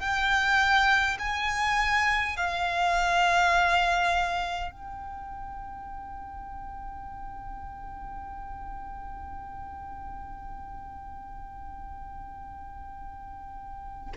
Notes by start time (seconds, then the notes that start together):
0.00 G5
1.19 G#5
2.37 F5
4.72 G5